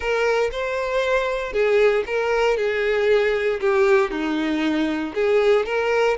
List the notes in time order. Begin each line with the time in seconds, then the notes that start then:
0.00 A#4
0.51 C5
1.52 G#4
2.06 A#4
2.57 G#4
3.60 G4
4.10 D#4
5.14 G#4
5.65 A#4